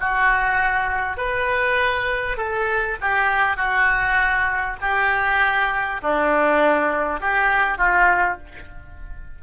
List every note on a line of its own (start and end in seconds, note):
0.00 1.17 F#4
1.17 2.37 B4
2.37 2.97 A4
3.01 3.57 G4
3.57 4.77 F#4
4.81 6.01 G4
6.02 7.21 D4
7.21 7.78 G4
7.78 8.38 F4